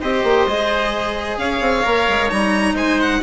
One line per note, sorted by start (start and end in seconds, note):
0.00 0.23 C4
0.00 0.47 G4
0.00 1.37 C5
0.00 1.38 D#5
0.23 0.46 A#3
0.46 1.37 G#3
0.46 1.83 G#4
1.37 1.60 C#4
1.37 2.75 C#5
1.37 2.29 F5
1.60 1.83 C4
1.83 2.08 A#3
1.83 2.28 A#4
2.08 2.31 G#3
2.28 2.74 G3
2.28 3.20 D#4
2.28 2.75 A#5
2.74 3.20 G#3
2.74 3.21 C5
2.74 3.00 G#5
3.00 3.23 F#5